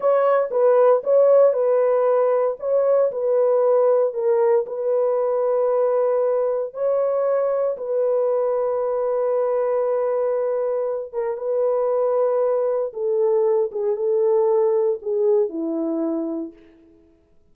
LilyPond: \new Staff \with { instrumentName = "horn" } { \time 4/4 \tempo 4 = 116 cis''4 b'4 cis''4 b'4~ | b'4 cis''4 b'2 | ais'4 b'2.~ | b'4 cis''2 b'4~ |
b'1~ | b'4. ais'8 b'2~ | b'4 a'4. gis'8 a'4~ | a'4 gis'4 e'2 | }